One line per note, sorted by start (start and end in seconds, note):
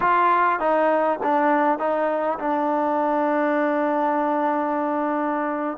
0.00 0.59 F4
0.59 1.19 D#4
1.23 1.78 D4
1.78 2.38 D#4
2.38 5.78 D4